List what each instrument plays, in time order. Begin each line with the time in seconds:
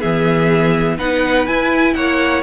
0.00 cello E3, viola B3, violin G#4 E5
0.98 cello B3, viola D#4, violin B4 F#5
1.47 viola E4, cello E4, violin G#5
1.95 cello A#3, violin C#5 F#5